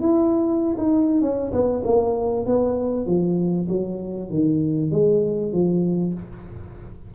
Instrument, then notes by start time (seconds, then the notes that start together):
tuba
0.00 E4
0.77 D#4
1.21 C#4
1.52 B3
1.84 A#3
2.46 B3
3.06 F3
3.68 F#3
4.29 D#3
4.91 G#3
5.52 F3